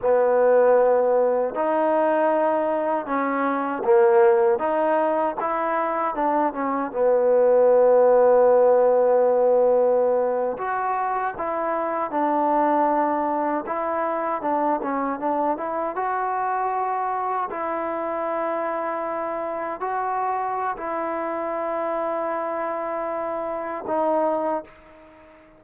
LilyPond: \new Staff \with { instrumentName = "trombone" } { \time 4/4 \tempo 4 = 78 b2 dis'2 | cis'4 ais4 dis'4 e'4 | d'8 cis'8 b2.~ | b4.~ b16 fis'4 e'4 d'16~ |
d'4.~ d'16 e'4 d'8 cis'8 d'16~ | d'16 e'8 fis'2 e'4~ e'16~ | e'4.~ e'16 fis'4~ fis'16 e'4~ | e'2. dis'4 | }